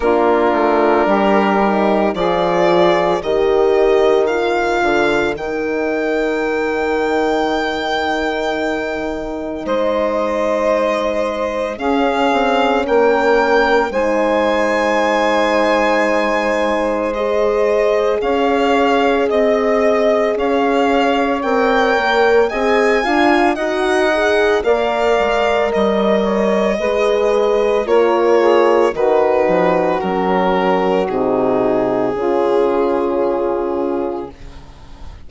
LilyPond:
<<
  \new Staff \with { instrumentName = "violin" } { \time 4/4 \tempo 4 = 56 ais'2 d''4 dis''4 | f''4 g''2.~ | g''4 dis''2 f''4 | g''4 gis''2. |
dis''4 f''4 dis''4 f''4 | g''4 gis''4 fis''4 f''4 | dis''2 cis''4 b'4 | ais'4 gis'2. | }
  \new Staff \with { instrumentName = "saxophone" } { \time 4/4 f'4 g'4 gis'4 ais'4~ | ais'1~ | ais'4 c''2 gis'4 | ais'4 c''2.~ |
c''4 cis''4 dis''4 cis''4~ | cis''4 dis''8 f''8 dis''4 d''4 | dis''8 cis''8 b'4 ais'8 gis'8 fis'4~ | fis'2 f'2 | }
  \new Staff \with { instrumentName = "horn" } { \time 4/4 d'4. dis'8 f'4 g'4 | f'4 dis'2.~ | dis'2. cis'4~ | cis'4 dis'2. |
gis'1 | ais'4 gis'8 f'8 fis'8 gis'8 ais'4~ | ais'4 gis'4 f'4 dis'4 | cis'4 dis'4 cis'2 | }
  \new Staff \with { instrumentName = "bassoon" } { \time 4/4 ais8 a8 g4 f4 dis4~ | dis8 d8 dis2.~ | dis4 gis2 cis'8 c'8 | ais4 gis2.~ |
gis4 cis'4 c'4 cis'4 | c'8 ais8 c'8 d'8 dis'4 ais8 gis8 | g4 gis4 ais4 dis8 f8 | fis4 c4 cis2 | }
>>